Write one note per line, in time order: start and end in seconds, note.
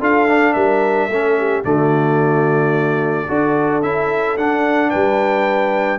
0.00 0.55 D4
0.00 0.29 F4
0.00 0.54 A4
0.00 0.54 F5
0.29 1.10 D4
0.54 1.08 G3
0.54 1.09 A#4
0.54 1.63 E5
1.08 1.63 A3
1.08 1.64 C#4
1.08 1.39 A4
1.39 1.65 G4
1.64 3.28 D3
1.64 3.27 A3
1.64 3.27 F#4
1.64 3.83 D5
3.27 3.82 D4
3.27 3.82 F#4
3.27 4.90 A4
3.82 4.37 C#4
3.82 4.38 E4
3.82 4.37 E5
4.37 4.92 D4
4.37 6.00 D4
4.37 4.90 F#5
4.90 6.00 G3
4.90 6.00 B4
4.90 6.00 G5